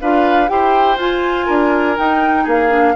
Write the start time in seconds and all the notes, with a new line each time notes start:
0.00 D4 F4 B4 F5
0.47 E4 G4 C5 G5
0.96 F4 G#5
1.45 D4 A#4
1.96 D#4 G5
2.43 A#3 G#4 F5
2.69 D4